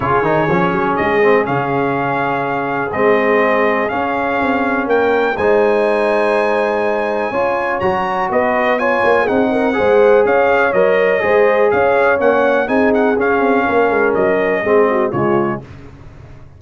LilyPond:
<<
  \new Staff \with { instrumentName = "trumpet" } { \time 4/4 \tempo 4 = 123 cis''2 dis''4 f''4~ | f''2 dis''2 | f''2 g''4 gis''4~ | gis''1 |
ais''4 dis''4 gis''4 fis''4~ | fis''4 f''4 dis''2 | f''4 fis''4 gis''8 fis''8 f''4~ | f''4 dis''2 cis''4 | }
  \new Staff \with { instrumentName = "horn" } { \time 4/4 gis'1~ | gis'1~ | gis'2 ais'4 c''4~ | c''2. cis''4~ |
cis''4 b'4 cis''4 gis'8 ais'8 | c''4 cis''2 c''4 | cis''2 gis'2 | ais'2 gis'8 fis'8 f'4 | }
  \new Staff \with { instrumentName = "trombone" } { \time 4/4 f'8 dis'8 cis'4. c'8 cis'4~ | cis'2 c'2 | cis'2. dis'4~ | dis'2. f'4 |
fis'2 f'4 dis'4 | gis'2 ais'4 gis'4~ | gis'4 cis'4 dis'4 cis'4~ | cis'2 c'4 gis4 | }
  \new Staff \with { instrumentName = "tuba" } { \time 4/4 cis8 dis8 f8 fis8 gis4 cis4~ | cis2 gis2 | cis'4 c'4 ais4 gis4~ | gis2. cis'4 |
fis4 b4. ais8 c'4 | gis4 cis'4 fis4 gis4 | cis'4 ais4 c'4 cis'8 c'8 | ais8 gis8 fis4 gis4 cis4 | }
>>